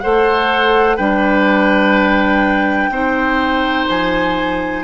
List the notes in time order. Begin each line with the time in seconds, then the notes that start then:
0.00 A3 A4 C5 F#5
0.97 G3 D4 B4 G5
2.90 C4 D#4 C5
3.88 F3 G#5